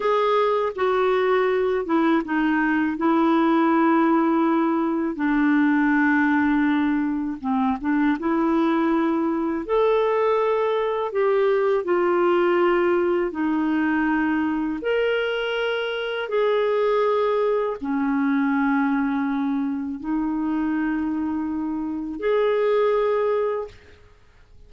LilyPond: \new Staff \with { instrumentName = "clarinet" } { \time 4/4 \tempo 4 = 81 gis'4 fis'4. e'8 dis'4 | e'2. d'4~ | d'2 c'8 d'8 e'4~ | e'4 a'2 g'4 |
f'2 dis'2 | ais'2 gis'2 | cis'2. dis'4~ | dis'2 gis'2 | }